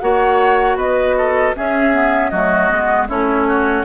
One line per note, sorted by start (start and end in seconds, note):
0.00 0.75 A#3
0.00 1.55 F#4
0.00 0.77 C#5
0.00 0.77 F#5
0.75 1.52 B3
0.75 1.16 B4
0.75 1.55 D#5
1.17 1.55 A4
1.55 1.93 C#4
1.55 2.32 C#4
1.55 2.31 G#4
1.55 2.30 E5
1.93 2.31 B3
2.30 2.70 F#3
2.30 2.70 A3
2.30 3.08 F#4
2.30 3.07 D#5
2.70 3.09 G#3
2.70 3.08 B3
3.08 3.84 A3
3.08 3.84 C#4
3.08 3.47 E4
3.08 3.84 C#5
3.48 3.84 F#4